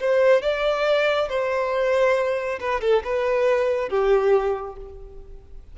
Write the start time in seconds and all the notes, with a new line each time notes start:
0.00 C5
0.42 D5
1.29 C5
2.60 B4
2.81 A4
3.04 B4
3.89 G4